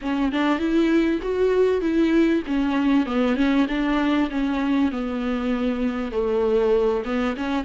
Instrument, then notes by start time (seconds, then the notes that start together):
viola
0.01 C#4
0.32 D4
0.58 E4
1.21 F#4
1.81 E4
2.46 C#4
3.06 B3
3.36 C#4
3.68 D4
4.30 C#4
4.91 B3
6.11 A3
7.04 B3
7.36 C#4